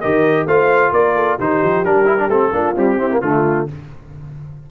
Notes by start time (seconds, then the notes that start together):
0.00 D#3 G4 A#4 D#5
0.45 A3 F4 C5 F5
0.91 A#3 A#4 D5
1.15 A4
1.38 D#3 D#4 G4 C5
1.63 F3
1.84 G3 D4 A#4
2.05 E4
2.18 D4
2.28 A3 C4 A4
2.52 A#3 D4 F4
2.76 G3 C4 G4
2.98 C4 E4
3.10 A#3
3.21 D3 A3 F4